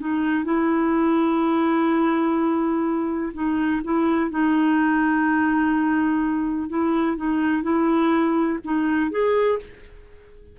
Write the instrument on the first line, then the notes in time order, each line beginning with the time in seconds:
clarinet
0.00 D#4
0.44 E4
3.33 D#4
3.84 E4
4.30 D#4
6.69 E4
7.17 D#4
7.63 E4
8.64 D#4
9.11 G#4